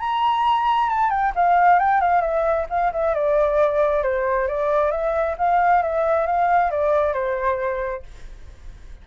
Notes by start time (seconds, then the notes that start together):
0.00 A#5
0.89 A5
1.11 G5
1.36 F5
1.80 G5
2.01 F5
2.21 E5
2.70 F5
2.93 E5
3.15 D5
4.03 C5
4.48 D5
4.92 E5
5.38 F5
5.83 E5
6.26 F5
6.71 D5
7.14 C5